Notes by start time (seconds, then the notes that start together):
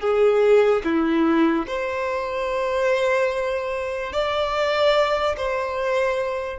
0.00 G#4
0.84 E4
1.67 C5
4.13 D5
5.37 C5